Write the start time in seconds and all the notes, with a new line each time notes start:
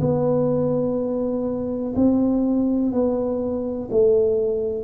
0.00 B3
1.95 C4
2.92 B3
3.91 A3